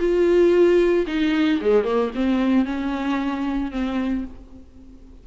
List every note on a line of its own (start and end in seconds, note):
0.00 1.06 F4
1.07 1.60 D#4
1.62 1.84 G#3
1.84 2.11 A#3
2.15 2.65 C4
2.65 3.72 C#4
3.72 4.25 C4